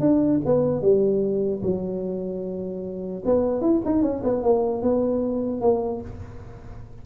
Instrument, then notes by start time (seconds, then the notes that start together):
tuba
0.00 D4
0.45 B3
0.81 G3
1.63 F#3
3.25 B3
3.61 E4
3.85 D#4
4.02 C#4
4.23 B3
4.43 A#3
4.82 B3
5.61 A#3